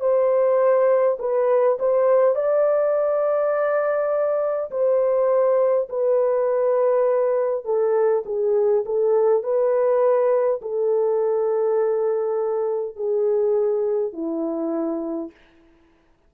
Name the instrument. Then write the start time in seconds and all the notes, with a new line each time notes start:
horn
0.00 C5
1.19 B4
1.79 C5
2.35 D5
4.71 C5
5.89 B4
7.65 A4
8.26 G#4
8.86 A4
9.43 B4
10.61 A4
12.96 G#4
14.13 E4